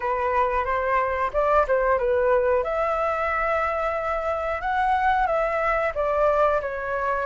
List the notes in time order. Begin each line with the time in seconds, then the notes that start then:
0.00 B4
0.64 C5
1.33 D5
1.67 C5
1.98 B4
2.63 E5
4.61 F#5
5.26 E5
5.95 D5
6.61 C#5